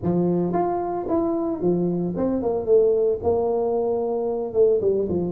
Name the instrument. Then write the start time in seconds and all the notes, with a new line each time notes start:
tuba
0.02 F3
0.52 F4
1.08 E4
1.60 F3
2.16 C4
2.42 A#3
2.65 A3
3.23 A#3
4.53 A3
4.81 G3
5.09 F3